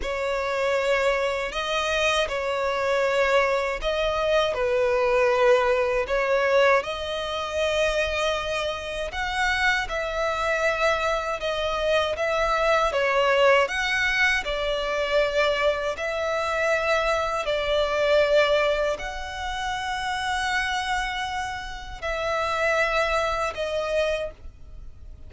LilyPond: \new Staff \with { instrumentName = "violin" } { \time 4/4 \tempo 4 = 79 cis''2 dis''4 cis''4~ | cis''4 dis''4 b'2 | cis''4 dis''2. | fis''4 e''2 dis''4 |
e''4 cis''4 fis''4 d''4~ | d''4 e''2 d''4~ | d''4 fis''2.~ | fis''4 e''2 dis''4 | }